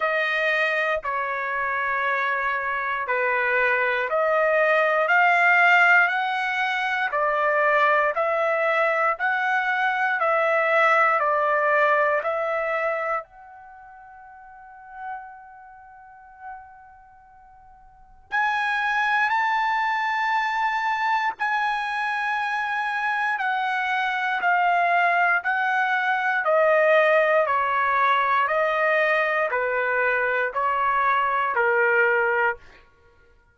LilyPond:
\new Staff \with { instrumentName = "trumpet" } { \time 4/4 \tempo 4 = 59 dis''4 cis''2 b'4 | dis''4 f''4 fis''4 d''4 | e''4 fis''4 e''4 d''4 | e''4 fis''2.~ |
fis''2 gis''4 a''4~ | a''4 gis''2 fis''4 | f''4 fis''4 dis''4 cis''4 | dis''4 b'4 cis''4 ais'4 | }